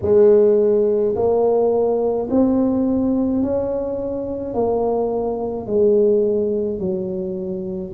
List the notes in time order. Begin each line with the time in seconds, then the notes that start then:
0.02 G#3
1.15 A#3
2.30 C4
3.43 C#4
4.54 A#3
5.66 G#3
6.79 F#3